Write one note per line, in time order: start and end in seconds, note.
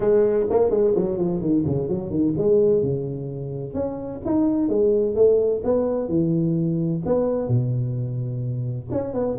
0.00 0.46 G#3
0.49 0.70 A#3
0.70 0.94 G#3
0.95 1.17 F#3
1.17 1.41 F3
1.41 1.64 D#3
1.66 1.89 C#3
1.89 2.10 F#3
2.10 2.34 D#3
2.37 2.82 G#3
2.82 3.74 C#3
3.74 4.21 C#4
4.25 4.68 D#4
4.68 5.15 G#3
5.15 5.62 A3
5.64 6.08 B3
6.08 7.02 E3
7.05 7.47 B3
7.47 8.88 B2
8.91 9.13 C#4
9.13 9.37 B3